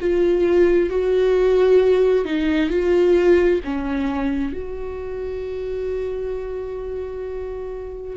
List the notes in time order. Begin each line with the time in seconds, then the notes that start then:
0.00 F4
0.90 F#4
2.25 D#4
2.69 F4
3.64 C#4
4.53 F#4